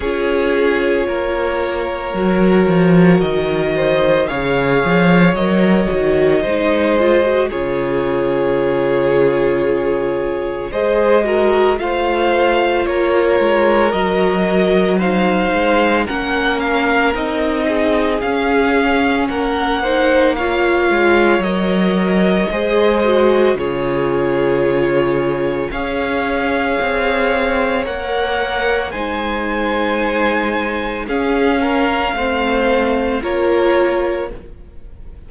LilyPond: <<
  \new Staff \with { instrumentName = "violin" } { \time 4/4 \tempo 4 = 56 cis''2. dis''4 | f''4 dis''2 cis''4~ | cis''2 dis''4 f''4 | cis''4 dis''4 f''4 fis''8 f''8 |
dis''4 f''4 fis''4 f''4 | dis''2 cis''2 | f''2 fis''4 gis''4~ | gis''4 f''2 cis''4 | }
  \new Staff \with { instrumentName = "violin" } { \time 4/4 gis'4 ais'2~ ais'8 c''8 | cis''2 c''4 gis'4~ | gis'2 c''8 ais'8 c''4 | ais'2 c''4 ais'4~ |
ais'8 gis'4. ais'8 c''8 cis''4~ | cis''4 c''4 gis'2 | cis''2. c''4~ | c''4 gis'8 ais'8 c''4 ais'4 | }
  \new Staff \with { instrumentName = "viola" } { \time 4/4 f'2 fis'2 | gis'4 ais'8 fis'8 dis'8 f'16 fis'16 f'4~ | f'2 gis'8 fis'8 f'4~ | f'4 fis'4 dis'4 cis'4 |
dis'4 cis'4. dis'8 f'4 | ais'4 gis'8 fis'8 f'2 | gis'2 ais'4 dis'4~ | dis'4 cis'4 c'4 f'4 | }
  \new Staff \with { instrumentName = "cello" } { \time 4/4 cis'4 ais4 fis8 f8 dis4 | cis8 f8 fis8 dis8 gis4 cis4~ | cis2 gis4 a4 | ais8 gis8 fis4. gis8 ais4 |
c'4 cis'4 ais4. gis8 | fis4 gis4 cis2 | cis'4 c'4 ais4 gis4~ | gis4 cis'4 a4 ais4 | }
>>